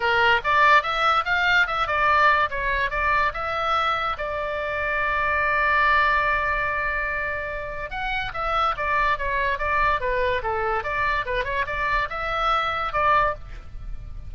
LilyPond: \new Staff \with { instrumentName = "oboe" } { \time 4/4 \tempo 4 = 144 ais'4 d''4 e''4 f''4 | e''8 d''4. cis''4 d''4 | e''2 d''2~ | d''1~ |
d''2. fis''4 | e''4 d''4 cis''4 d''4 | b'4 a'4 d''4 b'8 cis''8 | d''4 e''2 d''4 | }